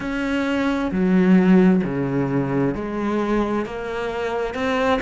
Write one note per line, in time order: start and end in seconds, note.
0.00 0.91 C#4
0.91 1.82 F#3
1.83 2.74 C#3
2.74 3.65 G#3
3.65 4.54 A#3
4.54 5.00 C4